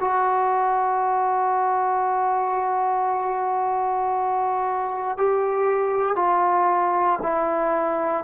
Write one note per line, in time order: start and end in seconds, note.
0.00 5.17 F#4
5.17 6.16 G4
6.16 7.19 F4
7.23 8.24 E4